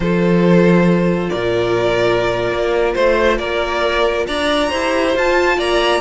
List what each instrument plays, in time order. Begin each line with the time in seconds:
0.00 cello F3, viola F4, violin A4 C5
1.29 cello A#2, violin A#4 D5
2.51 cello A#3
2.94 cello A3, violin C5
3.38 cello A#3, violin A#4 D5
4.27 cello D4, violin D5 A#5
4.69 cello E4, viola G4, violin C5
5.15 viola F4, cello F4, violin A5
5.57 cello A#3, violin D5 A#5